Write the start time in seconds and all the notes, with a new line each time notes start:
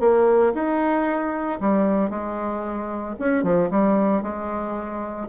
0.00 A#3
0.55 D#4
1.61 G3
2.10 G#3
3.19 C#4
3.43 F3
3.70 G3
4.22 G#3